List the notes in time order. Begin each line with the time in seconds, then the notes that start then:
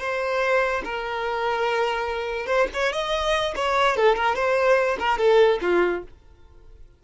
0.00 C5
0.85 A#4
2.47 C5
2.74 C#5
2.93 D#5
3.56 C#5
3.97 A4
4.16 A#4
4.35 C5
5.00 A#4
5.18 A4
5.62 F4